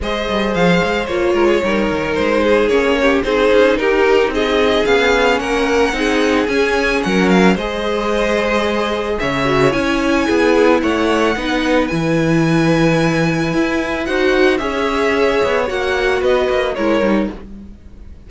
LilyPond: <<
  \new Staff \with { instrumentName = "violin" } { \time 4/4 \tempo 4 = 111 dis''4 f''4 cis''2 | c''4 cis''4 c''4 ais'4 | dis''4 f''4 fis''2 | gis''4 fis''8 f''8 dis''2~ |
dis''4 e''4 gis''2 | fis''2 gis''2~ | gis''2 fis''4 e''4~ | e''4 fis''4 dis''4 cis''4 | }
  \new Staff \with { instrumentName = "violin" } { \time 4/4 c''2~ c''8 ais'16 gis'16 ais'4~ | ais'8 gis'4 g'8 gis'4 g'4 | gis'2 ais'4 gis'4~ | gis'4 ais'4 c''2~ |
c''4 cis''2 gis'4 | cis''4 b'2.~ | b'2 c''4 cis''4~ | cis''2 b'4 ais'4 | }
  \new Staff \with { instrumentName = "viola" } { \time 4/4 gis'2 f'4 dis'4~ | dis'4 cis'4 dis'2~ | dis'4 cis'2 dis'4 | cis'2 gis'2~ |
gis'4. fis'8 e'2~ | e'4 dis'4 e'2~ | e'2 fis'4 gis'4~ | gis'4 fis'2 e'8 dis'8 | }
  \new Staff \with { instrumentName = "cello" } { \time 4/4 gis8 g8 f8 gis8 ais8 gis8 g8 dis8 | gis4 ais4 c'8 cis'8 dis'4 | c'4 b4 ais4 c'4 | cis'4 fis4 gis2~ |
gis4 cis4 cis'4 b4 | a4 b4 e2~ | e4 e'4 dis'4 cis'4~ | cis'8 b8 ais4 b8 ais8 gis8 g8 | }
>>